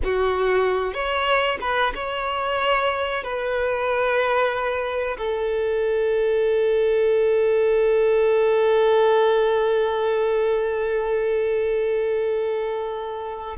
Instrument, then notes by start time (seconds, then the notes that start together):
violin
0.04 F#4
0.93 C#5
1.60 B4
1.94 C#5
3.23 B4
5.18 A4